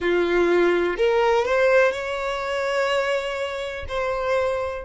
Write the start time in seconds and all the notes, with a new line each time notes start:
0.00 F4
0.97 A#4
1.45 C5
1.91 C#5
3.88 C5